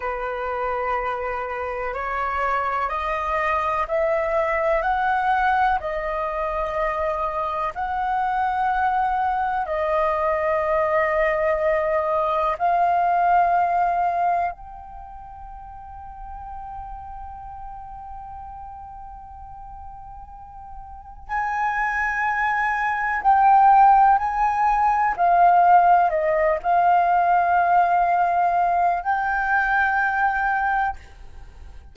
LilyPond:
\new Staff \with { instrumentName = "flute" } { \time 4/4 \tempo 4 = 62 b'2 cis''4 dis''4 | e''4 fis''4 dis''2 | fis''2 dis''2~ | dis''4 f''2 g''4~ |
g''1~ | g''2 gis''2 | g''4 gis''4 f''4 dis''8 f''8~ | f''2 g''2 | }